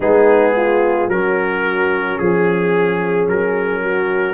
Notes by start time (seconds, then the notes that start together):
0.00 G#3 B3 D#4 G#4
0.56 F4
1.08 F#3 C#4 F#4 A#4
2.18 F3 G#4
3.27 F#3 A#4
3.82 F#4